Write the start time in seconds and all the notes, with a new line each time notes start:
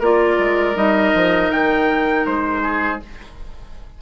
0.00 A#3 F4 A#4 D5
0.39 G#3
0.75 G3 D#4 D#5
1.14 F3
1.50 D#3 G5
2.27 G#3 C5
2.63 G#4